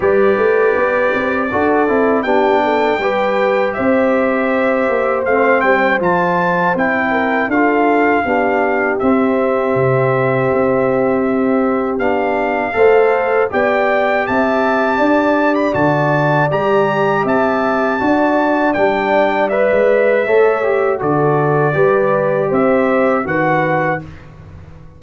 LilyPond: <<
  \new Staff \with { instrumentName = "trumpet" } { \time 4/4 \tempo 4 = 80 d''2. g''4~ | g''4 e''2 f''8 g''8 | a''4 g''4 f''2 | e''1 |
f''2 g''4 a''4~ | a''8. b''16 a''4 ais''4 a''4~ | a''4 g''4 e''2 | d''2 e''4 fis''4 | }
  \new Staff \with { instrumentName = "horn" } { \time 4/4 b'2 a'4 g'8 a'8 | b'4 c''2.~ | c''4. ais'8 a'4 g'4~ | g'1~ |
g'4 c''4 d''4 e''4 | d''2. e''4 | d''2. cis''4 | a'4 b'4 c''4 b'4 | }
  \new Staff \with { instrumentName = "trombone" } { \time 4/4 g'2 fis'8 e'8 d'4 | g'2. c'4 | f'4 e'4 f'4 d'4 | c'1 |
d'4 a'4 g'2~ | g'4 fis'4 g'2 | fis'4 d'4 b'4 a'8 g'8 | fis'4 g'2 fis'4 | }
  \new Staff \with { instrumentName = "tuba" } { \time 4/4 g8 a8 b8 c'8 d'8 c'8 b4 | g4 c'4. ais8 a8 g8 | f4 c'4 d'4 b4 | c'4 c4 c'2 |
b4 a4 b4 c'4 | d'4 d4 g4 c'4 | d'4 g4~ g16 gis8. a4 | d4 g4 c'4 dis4 | }
>>